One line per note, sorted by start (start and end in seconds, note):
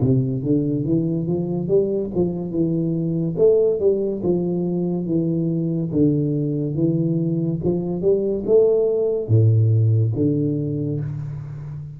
0.00 0.42 C3
0.42 0.84 D3
0.84 1.26 E3
1.26 1.67 F3
1.67 2.10 G3
2.14 2.50 F3
2.50 3.35 E3
3.37 3.80 A3
3.80 4.22 G3
4.23 5.06 F3
5.06 5.90 E3
5.92 6.74 D3
6.74 7.59 E3
7.64 8.01 F3
8.01 8.44 G3
8.46 9.27 A3
9.27 10.12 A2
10.15 11.00 D3